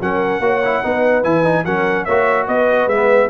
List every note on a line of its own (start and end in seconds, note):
0.00 0.39 F#3
0.00 0.41 C#4
0.00 0.42 A#4
0.00 1.23 F#5
0.39 0.80 A#3
0.39 0.62 F#4
0.39 0.84 C#5
0.64 0.83 E4
0.83 1.24 B3
0.83 1.23 D#4
0.83 1.65 B4
1.23 1.65 E3
1.23 1.44 E4
1.23 1.64 G#5
1.44 1.64 D#4
1.65 2.06 F#3
1.65 2.07 C#4
1.65 2.04 A#4
1.65 2.04 F#5
2.04 2.47 A#3
2.04 2.90 F#4
2.04 2.45 C#5
2.04 2.45 E5
2.46 2.86 B3
2.46 3.28 B4
2.46 2.88 D#5
2.86 3.27 G#3
2.86 3.30 B3
2.86 3.29 E5